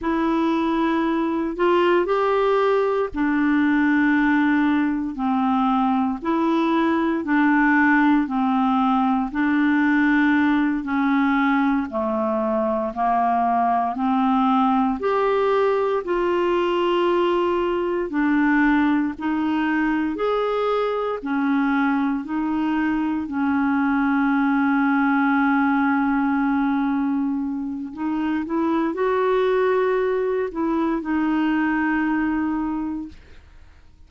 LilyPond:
\new Staff \with { instrumentName = "clarinet" } { \time 4/4 \tempo 4 = 58 e'4. f'8 g'4 d'4~ | d'4 c'4 e'4 d'4 | c'4 d'4. cis'4 a8~ | a8 ais4 c'4 g'4 f'8~ |
f'4. d'4 dis'4 gis'8~ | gis'8 cis'4 dis'4 cis'4.~ | cis'2. dis'8 e'8 | fis'4. e'8 dis'2 | }